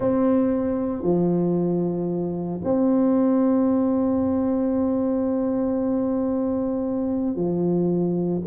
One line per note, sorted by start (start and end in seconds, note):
0.00 1.02 C4
1.02 2.60 F3
2.64 7.35 C4
7.35 8.41 F3